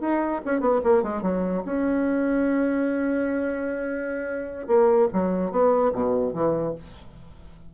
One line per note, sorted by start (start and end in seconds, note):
0.00 0.41 D#4
0.45 0.60 C#4
0.60 0.80 B3
0.83 1.03 A#3
1.03 1.22 G#3
1.22 1.63 F#3
1.65 4.67 C#4
4.67 5.08 A#3
5.12 5.51 F#3
5.51 5.92 B3
5.92 6.33 B2
6.33 6.73 E3